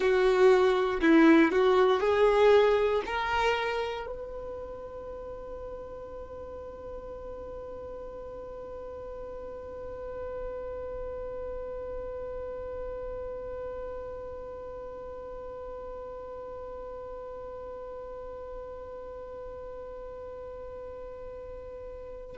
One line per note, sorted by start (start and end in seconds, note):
0.00 1.00 F#4
1.01 1.51 E4
1.51 2.00 F#4
2.00 3.01 G#4
3.06 4.06 A#4
4.06 22.36 B4